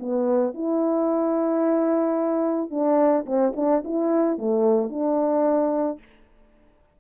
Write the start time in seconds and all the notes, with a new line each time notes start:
0.00 B3
0.54 E4
2.71 D4
3.27 C4
3.56 D4
3.85 E4
4.39 A3
4.90 D4